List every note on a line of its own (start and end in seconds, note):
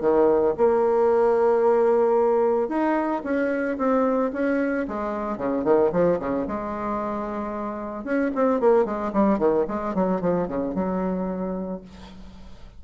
0.00 0.54 D#3
0.57 2.68 A#3
2.68 3.22 D#4
3.24 3.77 C#4
3.77 4.31 C4
4.33 4.86 C#4
4.87 5.37 G#3
5.37 5.64 C#3
5.64 5.91 D#3
5.92 6.19 F3
6.19 6.46 C#3
6.47 8.04 G#3
8.04 8.30 C#4
8.34 8.60 C4
8.60 8.84 A#3
8.84 9.11 G#3
9.13 9.38 G3
9.38 9.65 D#3
9.67 9.94 G#3
9.94 10.21 F#3
10.21 10.47 F3
10.47 10.74 C#3
10.74 11.81 F#3